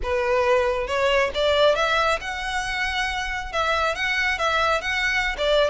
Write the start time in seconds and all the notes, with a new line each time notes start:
0.03 B4
0.87 C#5
1.34 D5
1.75 E5
2.20 F#5
3.52 E5
3.95 F#5
4.38 E5
4.81 F#5
5.37 D5